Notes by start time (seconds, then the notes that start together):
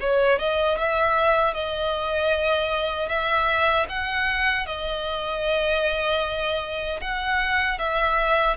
0.00 C#5
0.39 D#5
0.78 E5
1.54 D#5
3.09 E5
3.89 F#5
4.66 D#5
7.01 F#5
7.79 E5